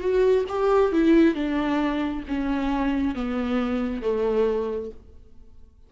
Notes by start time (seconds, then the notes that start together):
0.00 F#4
0.48 G4
0.92 E4
1.34 D4
2.27 C#4
3.15 B3
4.02 A3